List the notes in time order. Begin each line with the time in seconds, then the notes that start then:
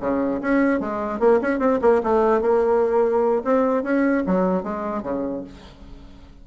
0.00 C#3
0.41 C#4
0.80 G#3
1.19 A#3
1.41 C#4
1.59 C4
1.81 A#3
2.03 A3
2.41 A#3
3.44 C4
3.83 C#4
4.26 F#3
4.63 G#3
5.03 C#3